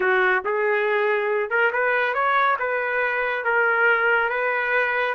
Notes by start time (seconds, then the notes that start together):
0.00 F#4
0.44 G#4
1.50 A#4
1.72 B4
2.14 C#5
2.59 B4
3.44 A#4
4.29 B4